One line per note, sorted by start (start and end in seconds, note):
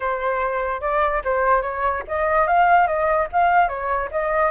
0.00 0.80 C5
0.80 1.21 D5
1.24 1.62 C5
1.62 2.03 C#5
2.07 2.47 D#5
2.47 2.87 F5
2.87 3.28 D#5
3.32 3.68 F5
3.68 4.09 C#5
4.11 4.51 D#5